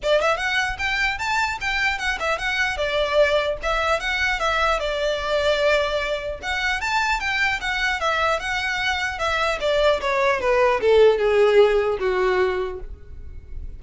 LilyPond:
\new Staff \with { instrumentName = "violin" } { \time 4/4 \tempo 4 = 150 d''8 e''8 fis''4 g''4 a''4 | g''4 fis''8 e''8 fis''4 d''4~ | d''4 e''4 fis''4 e''4 | d''1 |
fis''4 a''4 g''4 fis''4 | e''4 fis''2 e''4 | d''4 cis''4 b'4 a'4 | gis'2 fis'2 | }